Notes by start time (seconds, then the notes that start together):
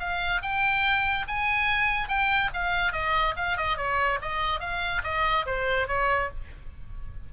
0.00 F5
0.42 G5
1.28 G#5
2.09 G5
2.54 F5
2.93 D#5
3.37 F5
3.58 D#5
3.77 C#5
4.22 D#5
4.60 F5
5.04 D#5
5.46 C5
5.88 C#5